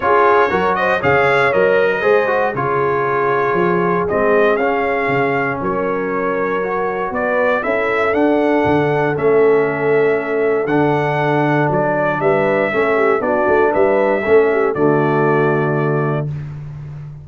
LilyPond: <<
  \new Staff \with { instrumentName = "trumpet" } { \time 4/4 \tempo 4 = 118 cis''4. dis''8 f''4 dis''4~ | dis''4 cis''2. | dis''4 f''2 cis''4~ | cis''2 d''4 e''4 |
fis''2 e''2~ | e''4 fis''2 d''4 | e''2 d''4 e''4~ | e''4 d''2. | }
  \new Staff \with { instrumentName = "horn" } { \time 4/4 gis'4 ais'8 c''8 cis''4.~ cis''16 ais'16 | c''4 gis'2.~ | gis'2. ais'4~ | ais'2 b'4 a'4~ |
a'1~ | a'1 | b'4 a'8 g'8 fis'4 b'4 | a'8 g'8 fis'2. | }
  \new Staff \with { instrumentName = "trombone" } { \time 4/4 f'4 fis'4 gis'4 ais'4 | gis'8 fis'8 f'2. | c'4 cis'2.~ | cis'4 fis'2 e'4 |
d'2 cis'2~ | cis'4 d'2.~ | d'4 cis'4 d'2 | cis'4 a2. | }
  \new Staff \with { instrumentName = "tuba" } { \time 4/4 cis'4 fis4 cis4 fis4 | gis4 cis2 f4 | gis4 cis'4 cis4 fis4~ | fis2 b4 cis'4 |
d'4 d4 a2~ | a4 d2 fis4 | g4 a4 b8 a8 g4 | a4 d2. | }
>>